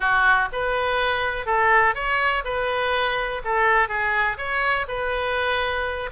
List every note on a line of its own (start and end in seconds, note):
0.00 0.49 F#4
0.52 1.46 B4
1.46 1.94 A4
1.94 2.43 C#5
2.44 3.42 B4
3.44 3.88 A4
3.88 4.37 G#4
4.37 4.86 C#5
4.88 6.10 B4